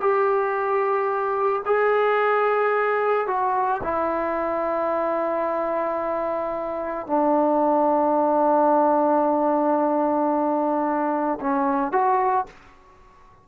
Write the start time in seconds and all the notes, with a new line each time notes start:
0.00 G4
1.65 G#4
3.27 F#4
3.83 E4
7.06 D4
11.40 C#4
11.92 F#4